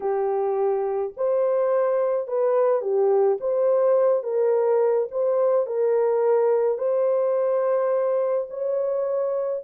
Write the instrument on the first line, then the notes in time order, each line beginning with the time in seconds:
horn
0.00 G4
1.17 C5
2.27 B4
2.81 G4
3.40 C5
4.23 A#4
5.11 C5
5.66 A#4
6.77 C5
8.49 C#5